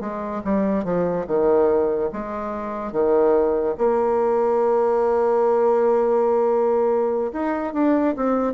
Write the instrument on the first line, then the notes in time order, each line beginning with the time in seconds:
bassoon
0.00 G#3
0.44 G3
0.84 F3
1.27 D#3
2.12 G#3
2.92 D#3
3.77 A#3
7.32 D#4
7.73 D4
8.16 C4